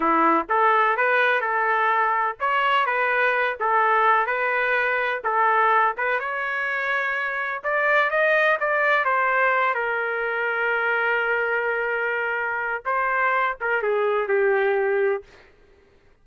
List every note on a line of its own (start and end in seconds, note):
0.00 0.46 E4
0.49 0.96 A4
0.96 1.40 B4
1.40 2.35 A4
2.40 2.85 C#5
2.85 3.57 B4
3.60 4.26 A4
4.26 5.21 B4
5.23 5.95 A4
5.97 6.19 B4
6.19 7.62 C#5
7.63 8.10 D5
8.10 8.58 D#5
8.60 9.04 D5
9.04 9.74 C5
9.74 12.83 A#4
12.85 13.56 C5
13.60 13.82 A#4
13.82 14.27 G#4
14.27 15.23 G4